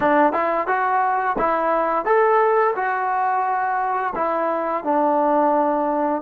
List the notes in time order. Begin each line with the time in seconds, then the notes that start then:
0.00 D4
0.32 E4
0.67 F#4
1.38 E4
2.05 A4
2.75 F#4
4.15 E4
4.83 D4